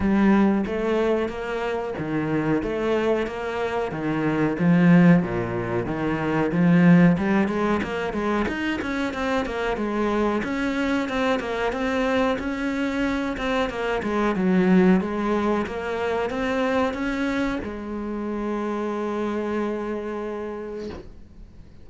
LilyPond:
\new Staff \with { instrumentName = "cello" } { \time 4/4 \tempo 4 = 92 g4 a4 ais4 dis4 | a4 ais4 dis4 f4 | ais,4 dis4 f4 g8 gis8 | ais8 gis8 dis'8 cis'8 c'8 ais8 gis4 |
cis'4 c'8 ais8 c'4 cis'4~ | cis'8 c'8 ais8 gis8 fis4 gis4 | ais4 c'4 cis'4 gis4~ | gis1 | }